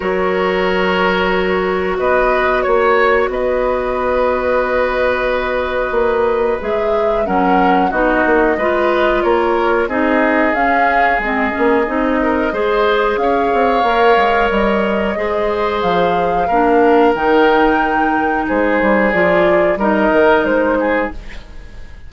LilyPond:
<<
  \new Staff \with { instrumentName = "flute" } { \time 4/4 \tempo 4 = 91 cis''2. dis''4 | cis''4 dis''2.~ | dis''2 e''4 fis''4 | dis''2 cis''4 dis''4 |
f''4 dis''2. | f''2 dis''2 | f''2 g''2 | c''4 d''4 dis''4 c''4 | }
  \new Staff \with { instrumentName = "oboe" } { \time 4/4 ais'2. b'4 | cis''4 b'2.~ | b'2. ais'4 | fis'4 b'4 ais'4 gis'4~ |
gis'2~ gis'8 ais'8 c''4 | cis''2. c''4~ | c''4 ais'2. | gis'2 ais'4. gis'8 | }
  \new Staff \with { instrumentName = "clarinet" } { \time 4/4 fis'1~ | fis'1~ | fis'2 gis'4 cis'4 | dis'4 f'2 dis'4 |
cis'4 c'8 cis'8 dis'4 gis'4~ | gis'4 ais'2 gis'4~ | gis'4 d'4 dis'2~ | dis'4 f'4 dis'2 | }
  \new Staff \with { instrumentName = "bassoon" } { \time 4/4 fis2. b4 | ais4 b2.~ | b4 ais4 gis4 fis4 | b8 ais8 gis4 ais4 c'4 |
cis'4 gis8 ais8 c'4 gis4 | cis'8 c'8 ais8 gis8 g4 gis4 | f4 ais4 dis2 | gis8 g8 f4 g8 dis8 gis4 | }
>>